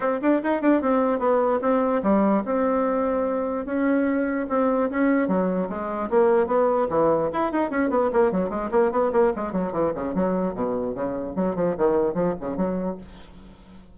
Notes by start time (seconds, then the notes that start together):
0.00 C4
0.21 D4
0.43 D#4
0.61 D4
0.81 C4
1.19 B3
1.61 C4
2.02 G3
2.45 C4
3.65 C#4
4.49 C4
4.90 C#4
5.28 F#3
5.69 G#3
6.10 A#3
6.47 B3
6.89 E3
7.32 E4
7.52 D#4
7.70 C#4
7.90 B3
8.13 A#3
8.31 F#3
8.49 G#3
8.71 A#3
8.91 B3
9.12 A#3
9.36 G#3
9.52 F#3
9.72 E3
9.95 C#3
10.14 F#3
10.54 B2
10.95 C#3
11.35 F#3
11.55 F3
11.77 D#3
12.14 F3
12.40 C#3
12.56 F#3